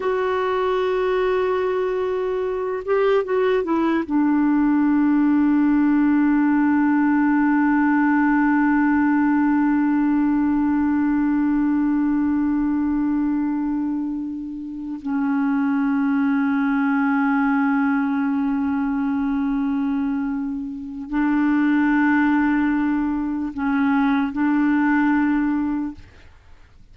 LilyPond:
\new Staff \with { instrumentName = "clarinet" } { \time 4/4 \tempo 4 = 74 fis'2.~ fis'8 g'8 | fis'8 e'8 d'2.~ | d'1~ | d'1~ |
d'2~ d'8 cis'4.~ | cis'1~ | cis'2 d'2~ | d'4 cis'4 d'2 | }